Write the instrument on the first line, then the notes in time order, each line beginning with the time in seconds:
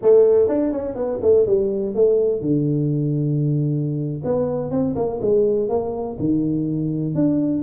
tuba
0.01 A3
0.48 D4
0.71 C#4
0.95 B3
1.22 A3
1.46 G3
1.95 A3
2.41 D3
4.24 B3
4.70 C4
4.95 A#3
5.21 G#3
5.68 A#3
6.19 D#3
7.15 D4